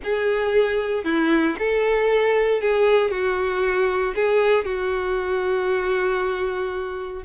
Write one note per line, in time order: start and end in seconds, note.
0.03 1.04 G#4
1.04 1.56 E4
1.58 2.61 A4
2.61 3.10 G#4
3.10 4.14 F#4
4.15 4.64 G#4
4.64 7.23 F#4